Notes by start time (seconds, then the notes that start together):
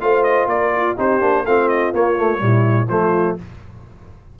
0.00 A3 F4 C5 F5
0.23 D#5
0.46 A#3 A#4 D5
0.75 F4
0.96 C4 D#4 G4 C5
1.20 A#3 D4
1.44 A3 C4 F4 F5
1.68 D#5
1.93 A#3 C#5
2.16 A3
2.37 A#2 G3 E4
2.88 F3 A3 F4 C5